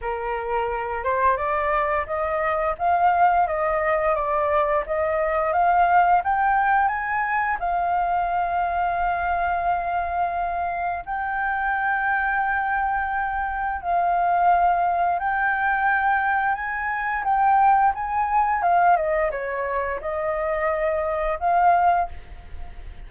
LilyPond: \new Staff \with { instrumentName = "flute" } { \time 4/4 \tempo 4 = 87 ais'4. c''8 d''4 dis''4 | f''4 dis''4 d''4 dis''4 | f''4 g''4 gis''4 f''4~ | f''1 |
g''1 | f''2 g''2 | gis''4 g''4 gis''4 f''8 dis''8 | cis''4 dis''2 f''4 | }